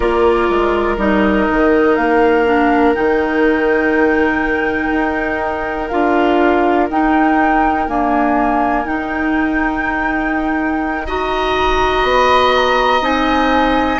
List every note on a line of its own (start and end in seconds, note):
0.00 0.48 A#3
0.00 0.98 F4
0.00 11.06 A#4
0.00 0.97 D5
0.49 0.97 G#3
0.97 1.46 G3
0.97 2.45 D#4
0.97 1.95 D#5
1.50 1.97 D#3
1.95 2.95 A#3
1.95 2.93 F5
2.45 2.94 D4
2.94 4.91 D#3
2.94 5.89 D#4
2.94 5.89 G5
4.91 5.89 D#4
5.89 6.89 D4
5.89 6.89 F4
5.89 6.87 F5
6.89 7.87 D#4
6.89 7.87 G5
7.87 8.85 A#3
7.87 8.85 D4
7.87 8.86 G#5
8.85 11.06 D#4
8.85 12.03 D#4
8.85 11.07 G5
11.06 13.01 F#4
11.06 13.99 D#5
11.06 12.04 A#5
12.03 13.00 B3
12.03 12.53 B5
12.55 13.04 A#5
13.00 13.99 C4
13.00 13.99 D#4
13.00 13.99 G#5